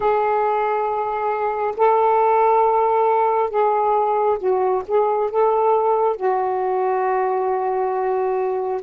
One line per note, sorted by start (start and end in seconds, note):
0.00 1.74 G#4
1.76 3.49 A4
3.49 4.38 G#4
4.38 4.82 F#4
4.87 5.30 G#4
5.30 6.16 A4
6.16 8.81 F#4